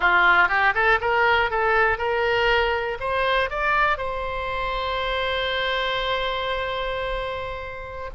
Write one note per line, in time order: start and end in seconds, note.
0.00 0.48 F4
0.48 0.73 G4
0.74 0.99 A4
1.00 1.50 A#4
1.50 1.98 A4
1.98 2.98 A#4
3.00 3.50 C5
3.50 3.97 D5
3.97 8.10 C5